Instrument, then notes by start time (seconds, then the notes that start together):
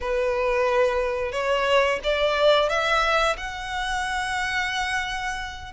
violin
0.01 B4
1.32 C#5
2.03 D5
2.69 E5
3.37 F#5